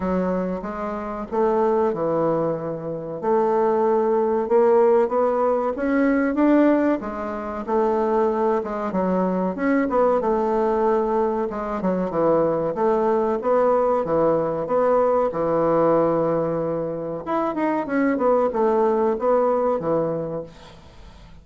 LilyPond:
\new Staff \with { instrumentName = "bassoon" } { \time 4/4 \tempo 4 = 94 fis4 gis4 a4 e4~ | e4 a2 ais4 | b4 cis'4 d'4 gis4 | a4. gis8 fis4 cis'8 b8 |
a2 gis8 fis8 e4 | a4 b4 e4 b4 | e2. e'8 dis'8 | cis'8 b8 a4 b4 e4 | }